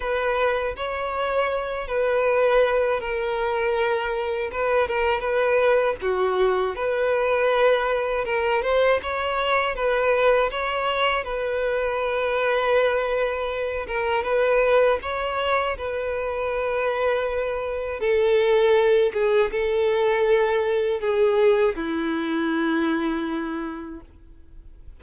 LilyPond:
\new Staff \with { instrumentName = "violin" } { \time 4/4 \tempo 4 = 80 b'4 cis''4. b'4. | ais'2 b'8 ais'8 b'4 | fis'4 b'2 ais'8 c''8 | cis''4 b'4 cis''4 b'4~ |
b'2~ b'8 ais'8 b'4 | cis''4 b'2. | a'4. gis'8 a'2 | gis'4 e'2. | }